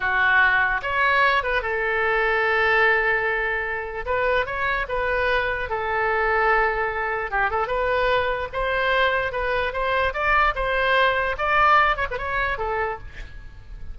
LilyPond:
\new Staff \with { instrumentName = "oboe" } { \time 4/4 \tempo 4 = 148 fis'2 cis''4. b'8 | a'1~ | a'2 b'4 cis''4 | b'2 a'2~ |
a'2 g'8 a'8 b'4~ | b'4 c''2 b'4 | c''4 d''4 c''2 | d''4. cis''16 b'16 cis''4 a'4 | }